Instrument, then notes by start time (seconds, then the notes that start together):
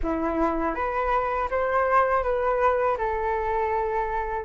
flute
0.02 E4
0.74 B4
1.50 C5
2.23 B4
2.97 A4